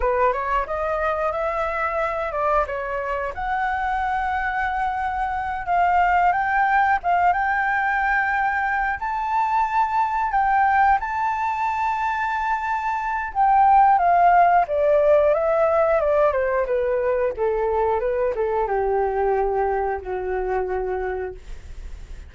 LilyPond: \new Staff \with { instrumentName = "flute" } { \time 4/4 \tempo 4 = 90 b'8 cis''8 dis''4 e''4. d''8 | cis''4 fis''2.~ | fis''8 f''4 g''4 f''8 g''4~ | g''4. a''2 g''8~ |
g''8 a''2.~ a''8 | g''4 f''4 d''4 e''4 | d''8 c''8 b'4 a'4 b'8 a'8 | g'2 fis'2 | }